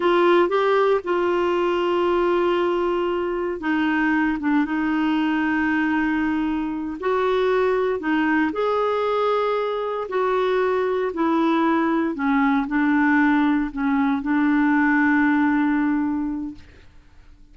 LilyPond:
\new Staff \with { instrumentName = "clarinet" } { \time 4/4 \tempo 4 = 116 f'4 g'4 f'2~ | f'2. dis'4~ | dis'8 d'8 dis'2.~ | dis'4. fis'2 dis'8~ |
dis'8 gis'2. fis'8~ | fis'4. e'2 cis'8~ | cis'8 d'2 cis'4 d'8~ | d'1 | }